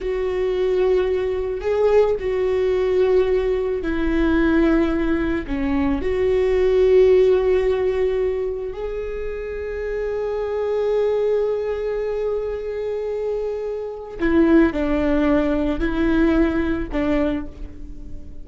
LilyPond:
\new Staff \with { instrumentName = "viola" } { \time 4/4 \tempo 4 = 110 fis'2. gis'4 | fis'2. e'4~ | e'2 cis'4 fis'4~ | fis'1 |
gis'1~ | gis'1~ | gis'2 e'4 d'4~ | d'4 e'2 d'4 | }